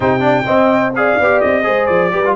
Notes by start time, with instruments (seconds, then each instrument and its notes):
0.00 tuba C3, trombone D#4, horn C5, trumpet G5
0.20 trombone D4, horn D5
0.45 trombone C4, tuba C4, horn D#5
0.94 trombone G#4, horn D5, trumpet F5
1.19 tuba B3, trombone G4
1.40 tuba C4, trumpet D#5
1.63 tuba G#3, trombone G#4, horn C5
1.86 tuba F3, trumpet D5
2.11 tuba G3, trombone G4, horn B4
2.25 trombone F4